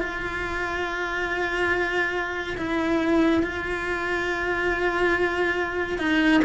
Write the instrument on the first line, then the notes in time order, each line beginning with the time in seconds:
cello
0.00 F4
2.58 E4
3.43 F4
5.99 D#4